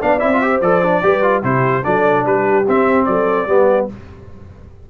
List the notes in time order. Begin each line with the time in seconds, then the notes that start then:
0.00 B3 D4 D5 F5
0.19 C4 E4 E5
0.33 F4
0.42 G4 C5
0.61 F3 A4 D5
0.83 D4
1.02 G3 G4 B4
1.22 F4
1.43 C3 E4 G4 C5
1.83 F#3 D4 A4 D5
2.25 G3 G4 B4
2.68 C4 E5
3.05 F#3 A4 D5
3.47 G3 B3 G4